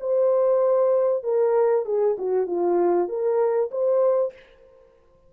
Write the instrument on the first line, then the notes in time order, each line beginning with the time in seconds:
horn
0.00 C5
1.23 A#4
1.85 G#4
2.18 F#4
2.47 F4
3.08 A#4
3.71 C5